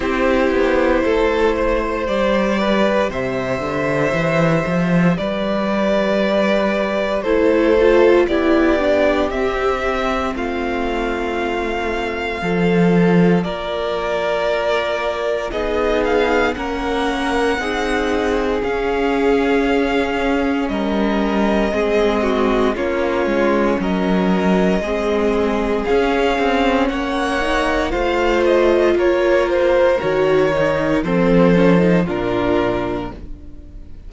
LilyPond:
<<
  \new Staff \with { instrumentName = "violin" } { \time 4/4 \tempo 4 = 58 c''2 d''4 e''4~ | e''4 d''2 c''4 | d''4 e''4 f''2~ | f''4 d''2 dis''8 f''8 |
fis''2 f''2 | dis''2 cis''4 dis''4~ | dis''4 f''4 fis''4 f''8 dis''8 | cis''8 c''8 cis''4 c''4 ais'4 | }
  \new Staff \with { instrumentName = "violin" } { \time 4/4 g'4 a'8 c''4 b'8 c''4~ | c''4 b'2 a'4 | g'2 f'2 | a'4 ais'2 gis'4 |
ais'4 gis'2. | ais'4 gis'8 fis'8 f'4 ais'4 | gis'2 cis''4 c''4 | ais'2 a'4 f'4 | }
  \new Staff \with { instrumentName = "viola" } { \time 4/4 e'2 g'2~ | g'2. e'8 f'8 | e'8 d'8 c'2. | f'2. dis'4 |
cis'4 dis'4 cis'2~ | cis'4 c'4 cis'2 | c'4 cis'4. dis'8 f'4~ | f'4 fis'8 dis'8 c'8 cis'16 dis'16 d'4 | }
  \new Staff \with { instrumentName = "cello" } { \time 4/4 c'8 b8 a4 g4 c8 d8 | e8 f8 g2 a4 | b4 c'4 a2 | f4 ais2 b4 |
ais4 c'4 cis'2 | g4 gis4 ais8 gis8 fis4 | gis4 cis'8 c'8 ais4 a4 | ais4 dis4 f4 ais,4 | }
>>